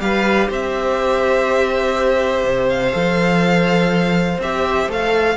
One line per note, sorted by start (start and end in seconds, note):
0.00 0.49 G3
0.00 2.92 G4
0.00 0.49 B4
0.00 0.50 F5
0.49 2.45 C4
0.49 5.37 C5
0.49 2.69 E5
2.45 2.93 C3
2.69 4.40 F5
2.92 4.39 F3
2.92 4.38 A4
4.39 4.87 C4
4.39 4.90 G4
4.39 4.91 E5
4.88 5.36 A3
4.88 5.37 A4
4.88 5.37 F5